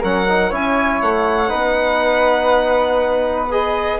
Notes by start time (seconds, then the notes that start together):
0.00 F#3 C#4 A#4 F#5
0.28 D#4
0.50 C#4 E4 C#5 G#5
1.01 A3 F#5
1.48 B3 D#4 B4
3.51 G#4 D#5